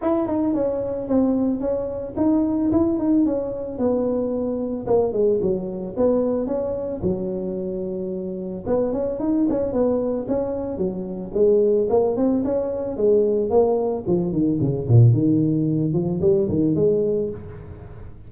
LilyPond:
\new Staff \with { instrumentName = "tuba" } { \time 4/4 \tempo 4 = 111 e'8 dis'8 cis'4 c'4 cis'4 | dis'4 e'8 dis'8 cis'4 b4~ | b4 ais8 gis8 fis4 b4 | cis'4 fis2. |
b8 cis'8 dis'8 cis'8 b4 cis'4 | fis4 gis4 ais8 c'8 cis'4 | gis4 ais4 f8 dis8 cis8 ais,8 | dis4. f8 g8 dis8 gis4 | }